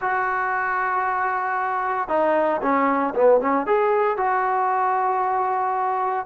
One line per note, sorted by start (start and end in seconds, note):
0.01 2.08 F#4
2.08 2.60 D#4
2.62 3.14 C#4
3.14 3.40 B3
3.40 3.66 C#4
3.66 4.17 G#4
4.17 6.26 F#4